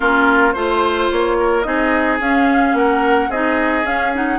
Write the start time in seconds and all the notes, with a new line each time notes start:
0.00 A#3 C#4 F4 A#4
0.52 A3 F4 C5
1.11 A#3 C#5
1.39 A#4
1.62 C4 D#4 G#4 D#5
2.20 C#4 F5
2.73 A#3 A#4 F#5
3.29 C4 D#4 G#4 D#5
3.83 C#4 F5
4.14 D#4 F#5